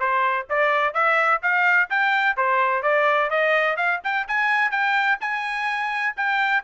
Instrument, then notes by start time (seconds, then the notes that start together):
trumpet
0.00 C5
0.50 D5
0.94 E5
1.43 F5
1.90 G5
2.37 C5
2.83 D5
3.31 D#5
3.77 F5
4.04 G5
4.28 G#5
4.71 G5
5.21 G#5
6.17 G5